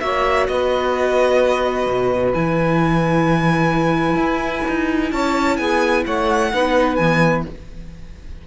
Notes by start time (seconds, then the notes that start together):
0.00 A#3 F#4 C#5 E5
0.48 B3 B4 D#5
1.87 B2
2.33 E3 E4 G#5
4.16 E4
4.68 D#4
5.12 C#4 C#5 A5
5.57 B3 G#4 G#5
6.04 A3 C#5 F#5
6.53 B3 D#4 B4
6.95 E3 B3 G#5